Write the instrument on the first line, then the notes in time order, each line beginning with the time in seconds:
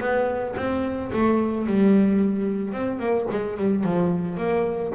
double bass
0.00 B3
0.57 C4
1.13 A3
1.67 G3
2.73 C4
2.99 A#3
3.30 G#3
3.58 G3
3.84 F3
4.38 A#3